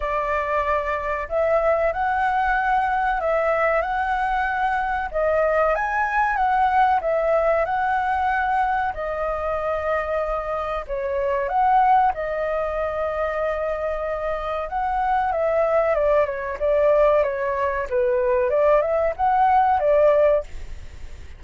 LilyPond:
\new Staff \with { instrumentName = "flute" } { \time 4/4 \tempo 4 = 94 d''2 e''4 fis''4~ | fis''4 e''4 fis''2 | dis''4 gis''4 fis''4 e''4 | fis''2 dis''2~ |
dis''4 cis''4 fis''4 dis''4~ | dis''2. fis''4 | e''4 d''8 cis''8 d''4 cis''4 | b'4 d''8 e''8 fis''4 d''4 | }